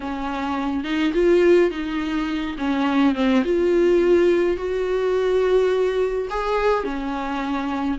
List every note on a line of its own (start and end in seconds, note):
0.00 0.84 C#4
0.84 1.12 D#4
1.13 1.70 F4
1.70 2.56 D#4
2.58 3.14 C#4
3.14 3.43 C4
3.44 4.56 F4
4.56 6.28 F#4
6.30 6.84 G#4
6.84 7.98 C#4